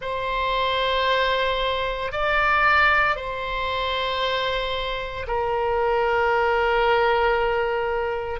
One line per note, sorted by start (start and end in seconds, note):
0.01 2.11 C5
2.11 3.16 D5
3.16 5.26 C5
5.27 8.39 A#4